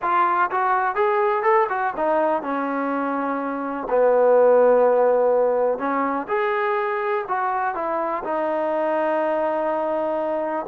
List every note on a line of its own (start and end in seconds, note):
0.02 0.50 F4
0.50 0.95 F#4
0.95 1.43 G#4
1.43 1.67 A4
1.69 1.93 F#4
1.96 2.42 D#4
2.42 3.87 C#4
3.89 5.78 B3
5.78 6.26 C#4
6.28 7.24 G#4
7.28 7.75 F#4
7.75 8.23 E4
8.24 10.66 D#4